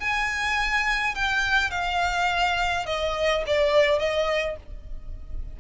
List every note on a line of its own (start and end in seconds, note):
0.00 1.15 G#5
1.15 1.70 G5
1.70 2.86 F5
2.86 3.44 D#5
3.47 3.99 D5
3.99 4.57 D#5